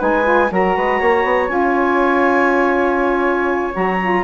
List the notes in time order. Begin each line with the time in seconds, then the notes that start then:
0.00 G#3 D#4 B4 G#5
0.24 F4
0.50 F#3 F#4 A#4 A#5
0.77 G#3 B4
1.00 A#3 C#5
1.25 B3
1.48 C#4 F4 G#5
3.72 F#3 F#4 A#5
4.01 F4